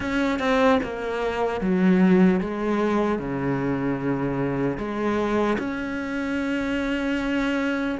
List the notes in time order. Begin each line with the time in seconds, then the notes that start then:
0.00 C#4
0.39 C4
0.83 A#3
1.60 F#3
2.40 G#3
3.19 C#3
4.77 G#3
5.58 C#4